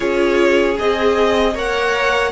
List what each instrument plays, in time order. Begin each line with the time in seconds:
0.00 cello C#4, viola F4, violin G#4 C#5
0.76 cello C4, viola G#4, violin D#5
1.54 cello A#3, viola A#4, violin C#5 F#5